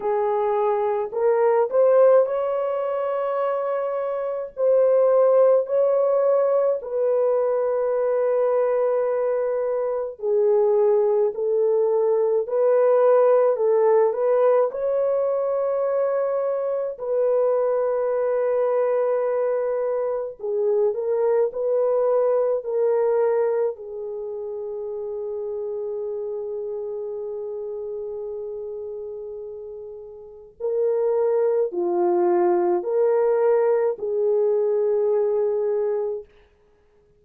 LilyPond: \new Staff \with { instrumentName = "horn" } { \time 4/4 \tempo 4 = 53 gis'4 ais'8 c''8 cis''2 | c''4 cis''4 b'2~ | b'4 gis'4 a'4 b'4 | a'8 b'8 cis''2 b'4~ |
b'2 gis'8 ais'8 b'4 | ais'4 gis'2.~ | gis'2. ais'4 | f'4 ais'4 gis'2 | }